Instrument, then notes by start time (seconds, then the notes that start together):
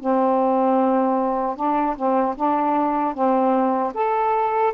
saxophone
0.00 C4
1.56 D4
1.96 C4
2.36 D4
3.14 C4
3.94 A4